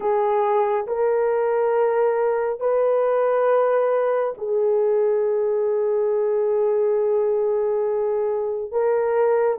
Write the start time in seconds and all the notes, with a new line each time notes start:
0.00 G#4
0.86 A#4
2.60 B4
4.37 G#4
8.71 A#4